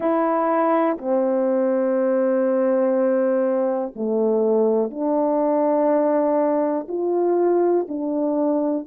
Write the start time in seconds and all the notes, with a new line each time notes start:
0.00 E4
0.97 C4
3.95 A3
4.90 D4
6.88 F4
7.88 D4